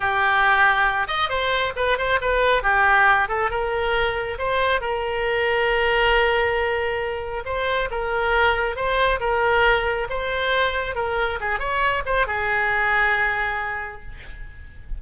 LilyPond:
\new Staff \with { instrumentName = "oboe" } { \time 4/4 \tempo 4 = 137 g'2~ g'8 dis''8 c''4 | b'8 c''8 b'4 g'4. a'8 | ais'2 c''4 ais'4~ | ais'1~ |
ais'4 c''4 ais'2 | c''4 ais'2 c''4~ | c''4 ais'4 gis'8 cis''4 c''8 | gis'1 | }